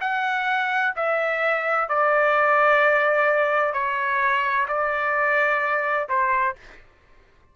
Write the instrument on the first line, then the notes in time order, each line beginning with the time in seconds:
trumpet
0.00 F#5
0.96 E5
1.88 D5
3.73 C#5
4.68 D5
6.09 C5